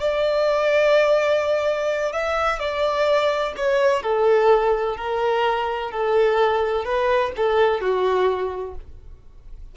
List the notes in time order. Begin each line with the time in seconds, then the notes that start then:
0.00 D5
2.13 E5
2.59 D5
3.57 C#5
4.02 A4
4.97 A#4
5.91 A4
6.85 B4
7.36 A4
7.81 F#4